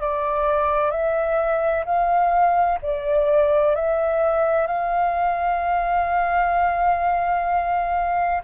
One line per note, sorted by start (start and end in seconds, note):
0.00 0.90 D5
0.90 1.84 E5
1.85 2.78 F5
2.82 3.75 D5
3.75 4.67 E5
4.67 8.42 F5